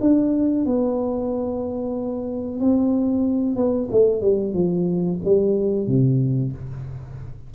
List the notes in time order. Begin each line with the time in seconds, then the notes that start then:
0.00 D4
0.66 B3
2.60 C4
3.56 B3
3.91 A3
4.21 G3
4.54 F3
5.24 G3
5.87 C3